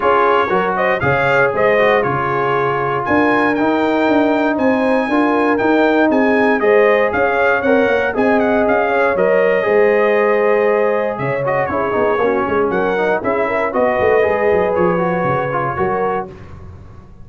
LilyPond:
<<
  \new Staff \with { instrumentName = "trumpet" } { \time 4/4 \tempo 4 = 118 cis''4. dis''8 f''4 dis''4 | cis''2 gis''4 g''4~ | g''4 gis''2 g''4 | gis''4 dis''4 f''4 fis''4 |
gis''8 fis''8 f''4 dis''2~ | dis''2 e''8 dis''8 cis''4~ | cis''4 fis''4 e''4 dis''4~ | dis''4 cis''2. | }
  \new Staff \with { instrumentName = "horn" } { \time 4/4 gis'4 ais'8 c''8 cis''4 c''4 | gis'2 ais'2~ | ais'4 c''4 ais'2 | gis'4 c''4 cis''2 |
dis''4. cis''4. c''4~ | c''2 cis''4 gis'4 | fis'8 gis'8 ais'4 gis'8 ais'8 b'4~ | b'2. ais'4 | }
  \new Staff \with { instrumentName = "trombone" } { \time 4/4 f'4 fis'4 gis'4. fis'8 | f'2. dis'4~ | dis'2 f'4 dis'4~ | dis'4 gis'2 ais'4 |
gis'2 ais'4 gis'4~ | gis'2~ gis'8 fis'8 e'8 dis'8 | cis'4. dis'8 e'4 fis'4 | gis'4. fis'4 f'8 fis'4 | }
  \new Staff \with { instrumentName = "tuba" } { \time 4/4 cis'4 fis4 cis4 gis4 | cis2 d'4 dis'4 | d'4 c'4 d'4 dis'4 | c'4 gis4 cis'4 c'8 ais8 |
c'4 cis'4 fis4 gis4~ | gis2 cis4 cis'8 b8 | ais8 gis8 fis4 cis'4 b8 a8 | gis8 fis8 f4 cis4 fis4 | }
>>